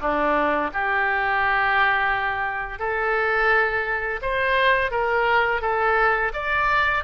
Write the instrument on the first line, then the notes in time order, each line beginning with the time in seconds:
oboe
0.00 D4
0.73 G4
2.79 A4
4.22 C5
4.91 A#4
5.61 A4
6.33 D5